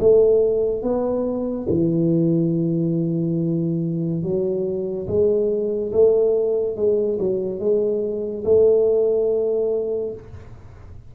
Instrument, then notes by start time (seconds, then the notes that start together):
tuba
0.00 A3
0.83 B3
1.69 E3
4.23 F#3
5.07 G#3
5.92 A3
6.76 G#3
7.19 F#3
7.59 G#3
8.45 A3